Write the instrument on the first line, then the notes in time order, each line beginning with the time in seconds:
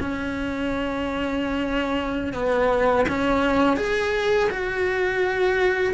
cello
0.00 C#4
2.33 B3
3.09 C#4
3.77 G#4
4.50 F#4